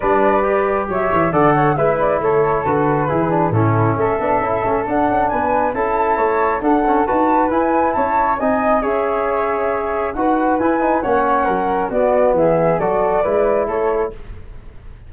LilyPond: <<
  \new Staff \with { instrumentName = "flute" } { \time 4/4 \tempo 4 = 136 d''2 e''4 fis''4 | e''8 d''8 cis''4 b'2 | a'4 e''2 fis''4 | gis''4 a''2 fis''4 |
a''4 gis''4 a''4 gis''4 | e''2. fis''4 | gis''4 fis''2 d''4 | e''4 d''2 cis''4 | }
  \new Staff \with { instrumentName = "flute" } { \time 4/4 b'2 cis''4 d''8 cis''8 | b'4 a'2 gis'4 | e'4 a'2. | b'4 a'4 cis''4 a'4 |
b'2 cis''4 dis''4 | cis''2. b'4~ | b'4 cis''4 ais'4 fis'4 | gis'4 a'4 b'4 a'4 | }
  \new Staff \with { instrumentName = "trombone" } { \time 4/4 d'4 g'2 a'4 | e'2 fis'4 e'8 d'8 | cis'4. d'8 e'8 cis'8 d'4~ | d'4 e'2 d'8 cis'8 |
fis'4 e'2 dis'4 | gis'2. fis'4 | e'8 dis'8 cis'2 b4~ | b4 fis'4 e'2 | }
  \new Staff \with { instrumentName = "tuba" } { \time 4/4 g2 fis8 e8 d4 | gis4 a4 d4 e4 | a,4 a8 b8 cis'8 a8 d'8 cis'8 | b4 cis'4 a4 d'4 |
dis'4 e'4 cis'4 c'4 | cis'2. dis'4 | e'4 ais4 fis4 b4 | e4 fis4 gis4 a4 | }
>>